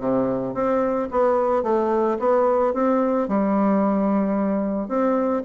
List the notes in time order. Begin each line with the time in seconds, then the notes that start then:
0.00 C3
0.54 C4
1.11 B3
1.63 A3
2.19 B3
2.74 C4
3.28 G3
4.88 C4